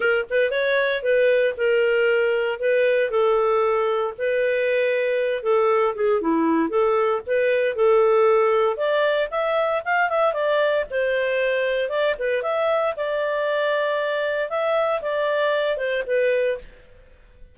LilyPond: \new Staff \with { instrumentName = "clarinet" } { \time 4/4 \tempo 4 = 116 ais'8 b'8 cis''4 b'4 ais'4~ | ais'4 b'4 a'2 | b'2~ b'8 a'4 gis'8 | e'4 a'4 b'4 a'4~ |
a'4 d''4 e''4 f''8 e''8 | d''4 c''2 d''8 b'8 | e''4 d''2. | e''4 d''4. c''8 b'4 | }